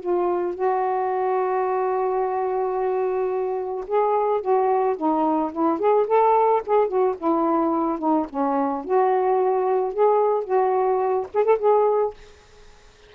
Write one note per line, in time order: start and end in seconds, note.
0.00 0.54 F4
0.54 3.84 F#4
3.87 4.41 G#4
4.41 4.96 F#4
4.96 5.51 D#4
5.52 5.78 E4
5.78 6.06 G#4
6.07 6.62 A4
6.66 6.87 G#4
6.87 7.15 F#4
7.18 7.98 E4
7.98 8.26 D#4
8.29 8.84 C#4
8.84 9.93 F#4
9.93 10.44 G#4
10.44 11.26 F#4
11.34 11.44 G#4
11.44 11.58 A4
11.58 12.14 G#4